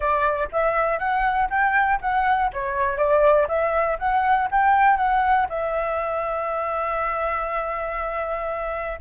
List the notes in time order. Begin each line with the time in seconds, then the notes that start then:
0.00 D5
0.51 E5
0.98 F#5
1.50 G5
2.01 F#5
2.52 C#5
2.97 D5
3.47 E5
3.98 F#5
4.51 G5
4.96 F#5
5.49 E5